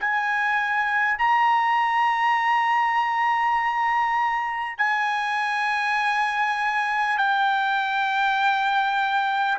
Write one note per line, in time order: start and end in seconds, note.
0.00 1.18 G#5
1.18 4.78 A#5
4.78 7.18 G#5
7.18 9.58 G5